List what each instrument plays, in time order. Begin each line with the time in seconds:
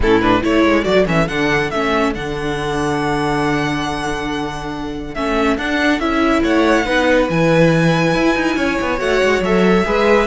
0.00 cello A2, viola C#4, violin E4 A4
0.21 viola D4, violin B4
0.41 cello A3, viola E4, violin A4 C#5
0.64 cello G#3
0.83 cello F#3, viola F#4, violin D5
1.05 cello E3, viola C#4, violin E5
1.27 cello D3, viola D4, violin F#5
1.70 cello A3, viola C#4, violin E5
2.14 cello D3, viola D4, violin F#5
5.14 cello A3, viola C#4, violin E5
5.57 cello D4, viola D4, violin F#5
5.99 cello C#4, viola E4, violin E5
6.43 cello A3, violin C#5 F#5
6.85 cello B3, viola D#4, violin B4
7.29 cello E3, viola E4, violin G#5
8.14 cello E4
8.35 cello D#4
8.55 cello C#4, violin C#5
8.80 cello B3
8.98 cello A3, viola F#4, violin F#5
9.23 cello G#3
9.40 cello F#3, viola A4, violin E5
9.84 cello G#3, viola G#4, violin B4